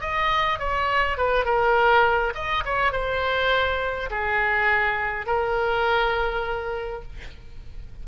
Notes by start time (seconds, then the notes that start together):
0.00 D#5
0.59 C#5
1.17 B4
1.45 A#4
2.34 D#5
2.65 C#5
2.92 C5
4.10 G#4
5.26 A#4